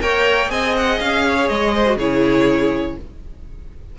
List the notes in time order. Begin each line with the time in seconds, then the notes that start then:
0.00 A#3 A#4 C#5 G5
0.48 C4 G#4 D#5 G#5
0.77 F#5
1.00 C#4 F5
1.27 C#5
1.49 G#3 D#5
1.75 C5
1.86 F#4
1.96 C#3 E4 G#4 C#5